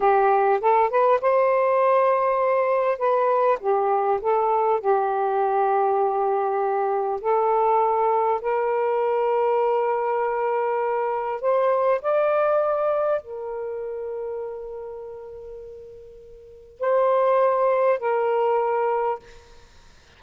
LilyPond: \new Staff \with { instrumentName = "saxophone" } { \time 4/4 \tempo 4 = 100 g'4 a'8 b'8 c''2~ | c''4 b'4 g'4 a'4 | g'1 | a'2 ais'2~ |
ais'2. c''4 | d''2 ais'2~ | ais'1 | c''2 ais'2 | }